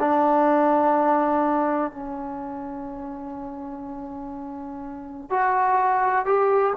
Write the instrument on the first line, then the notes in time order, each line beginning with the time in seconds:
trombone
0.00 D4
1.92 C#4
5.30 F#4
6.26 G4